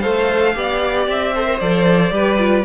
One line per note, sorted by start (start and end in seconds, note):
0.00 0.56 A3
0.00 0.54 A4
0.00 0.54 C5
0.00 1.05 F5
0.54 1.08 B3
0.54 1.33 G4
0.54 1.34 D5
1.08 1.60 C4
1.08 1.59 E5
1.34 1.45 A4
1.34 2.13 C5
1.45 1.58 A#4
1.59 2.11 F3
1.59 2.11 A4
1.59 2.65 D5
2.11 2.64 G3
2.11 2.37 G4
2.11 2.65 B4
2.38 2.65 F4